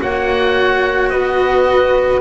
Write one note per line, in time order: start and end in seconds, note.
0.00 1.12 A#3
0.00 2.21 F#4
0.00 1.12 C#5
0.00 1.09 F#5
1.09 2.21 B3
1.09 2.21 B4
1.09 2.20 D#5